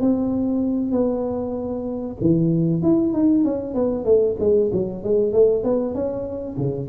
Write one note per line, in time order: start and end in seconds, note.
0.00 0.91 C4
0.91 2.16 B3
2.20 2.82 E3
2.82 3.13 E4
3.13 3.44 D#4
3.44 3.74 C#4
3.74 4.05 B3
4.05 4.36 A3
4.39 4.71 G#3
4.72 5.03 F#3
5.03 5.32 G#3
5.32 5.63 A3
5.63 5.94 B3
5.94 6.57 C#4
6.57 6.88 C#3